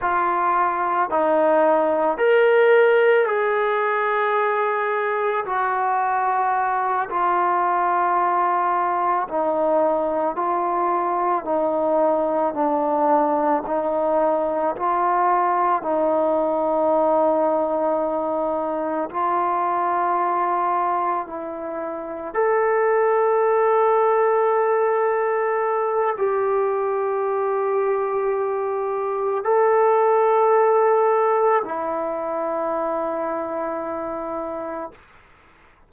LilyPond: \new Staff \with { instrumentName = "trombone" } { \time 4/4 \tempo 4 = 55 f'4 dis'4 ais'4 gis'4~ | gis'4 fis'4. f'4.~ | f'8 dis'4 f'4 dis'4 d'8~ | d'8 dis'4 f'4 dis'4.~ |
dis'4. f'2 e'8~ | e'8 a'2.~ a'8 | g'2. a'4~ | a'4 e'2. | }